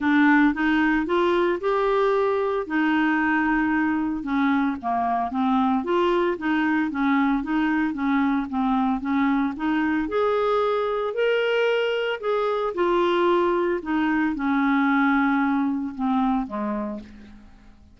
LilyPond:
\new Staff \with { instrumentName = "clarinet" } { \time 4/4 \tempo 4 = 113 d'4 dis'4 f'4 g'4~ | g'4 dis'2. | cis'4 ais4 c'4 f'4 | dis'4 cis'4 dis'4 cis'4 |
c'4 cis'4 dis'4 gis'4~ | gis'4 ais'2 gis'4 | f'2 dis'4 cis'4~ | cis'2 c'4 gis4 | }